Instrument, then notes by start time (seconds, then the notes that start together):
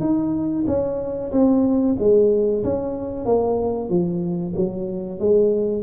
tuba
0.00 D#4
0.67 C#4
1.31 C4
1.99 G#3
2.64 C#4
3.25 A#3
3.89 F3
4.56 F#3
5.19 G#3